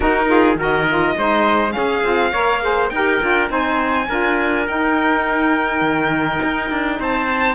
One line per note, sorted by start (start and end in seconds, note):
0.00 0.27 D#4
0.00 0.55 D#4
0.00 0.26 F#4
0.00 0.55 A#4
0.27 0.56 F4
0.27 0.58 G#4
0.55 1.13 D#3
0.55 0.86 F#4
0.55 1.16 A#4
0.62 1.71 D#5
0.88 1.17 F4
1.17 1.75 G#3
1.17 1.70 D#4
1.17 1.76 C5
1.70 1.99 C#4
1.70 2.88 F5
1.76 2.03 C#4
1.76 2.31 G#4
2.02 2.32 C4
2.02 2.32 F4
2.31 2.90 A#3
2.31 2.61 A#4
2.31 2.60 C#5
2.61 2.90 G#4
2.61 2.93 C5
2.89 3.19 D#4
2.89 3.20 G4
2.89 3.51 A#4
2.89 3.47 G5
3.20 3.49 D4
3.20 3.48 F4
3.48 4.07 C4
3.48 4.06 D#4
3.48 4.08 C5
3.48 4.67 G#5
4.08 4.67 D4
4.08 4.65 F4
4.08 6.99 A#4
4.65 7.54 D#4
4.65 5.81 D#4
4.65 7.00 G5
5.81 6.39 D#3
6.42 6.70 D#4
6.70 6.99 D4
6.99 7.54 C4
6.99 7.54 C5
6.99 7.54 A5